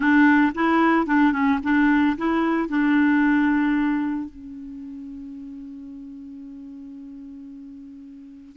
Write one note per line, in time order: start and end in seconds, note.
0.00 0.52 D4
0.55 1.06 E4
1.06 1.32 D4
1.32 1.59 C#4
1.63 2.16 D4
2.17 2.68 E4
2.68 4.29 D4
4.29 8.56 C#4